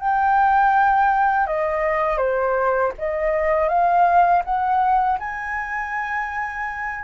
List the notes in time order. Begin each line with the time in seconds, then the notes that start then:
0.00 G5
1.47 D#5
2.18 C5
2.98 D#5
3.69 F5
4.45 F#5
5.19 G#5